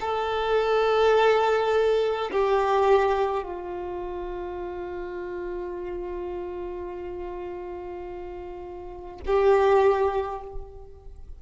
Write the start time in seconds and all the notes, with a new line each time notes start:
0.00 A4
2.31 G4
3.43 F4
9.26 G4